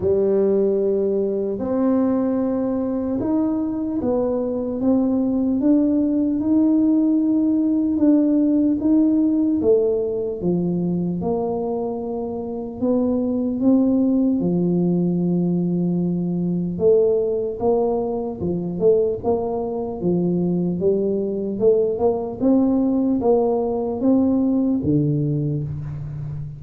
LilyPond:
\new Staff \with { instrumentName = "tuba" } { \time 4/4 \tempo 4 = 75 g2 c'2 | dis'4 b4 c'4 d'4 | dis'2 d'4 dis'4 | a4 f4 ais2 |
b4 c'4 f2~ | f4 a4 ais4 f8 a8 | ais4 f4 g4 a8 ais8 | c'4 ais4 c'4 d4 | }